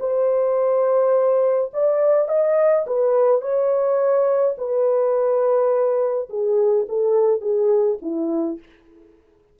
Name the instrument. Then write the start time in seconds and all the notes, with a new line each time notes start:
horn
0.00 C5
1.74 D5
2.29 D#5
2.87 B4
3.42 C#5
4.58 B4
6.30 G#4
6.89 A4
7.42 G#4
8.02 E4